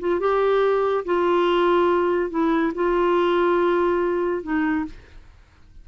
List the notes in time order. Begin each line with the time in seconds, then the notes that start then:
0.00 F4
0.20 G4
1.05 F4
2.30 E4
2.75 F4
4.43 D#4